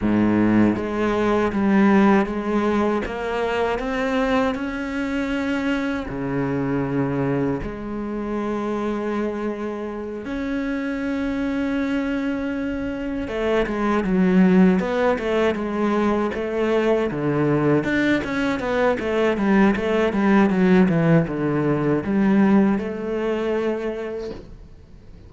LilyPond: \new Staff \with { instrumentName = "cello" } { \time 4/4 \tempo 4 = 79 gis,4 gis4 g4 gis4 | ais4 c'4 cis'2 | cis2 gis2~ | gis4. cis'2~ cis'8~ |
cis'4. a8 gis8 fis4 b8 | a8 gis4 a4 d4 d'8 | cis'8 b8 a8 g8 a8 g8 fis8 e8 | d4 g4 a2 | }